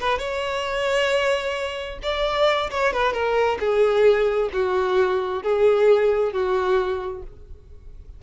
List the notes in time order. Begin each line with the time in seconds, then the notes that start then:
0.00 B4
0.19 C#5
2.03 D5
2.71 C#5
2.93 B4
3.13 A#4
3.60 G#4
4.53 F#4
5.43 G#4
6.33 F#4